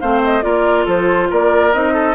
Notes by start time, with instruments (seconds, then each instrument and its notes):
0.00 bassoon A3, clarinet C4, oboe C5, flute F5
0.24 flute D#5
0.42 bassoon A#3, clarinet F4, oboe A#4, flute D5
0.85 bassoon F3, oboe A4, flute C5
1.30 bassoon A#3, oboe A#4, flute D5
1.73 bassoon C4, clarinet D#4, flute D#5
1.94 oboe A4